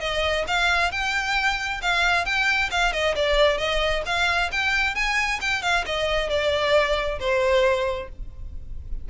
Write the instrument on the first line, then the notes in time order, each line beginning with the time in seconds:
violin
0.00 D#5
0.47 F5
0.92 G5
1.82 F5
2.25 G5
2.71 F5
2.92 D#5
3.15 D5
3.58 D#5
4.06 F5
4.52 G5
4.95 G#5
5.41 G5
5.62 F5
5.86 D#5
6.30 D5
7.19 C5